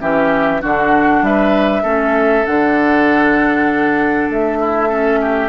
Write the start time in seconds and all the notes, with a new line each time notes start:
0.00 E3 C#4 G4 E5
0.61 D3 D4 F#4 F#5
1.21 G3 B4 E5
1.82 A3 C#4 A4
2.46 D3 D4 F#5
4.29 A3 E5
4.59 E4
4.88 C#4 A4
5.21 G4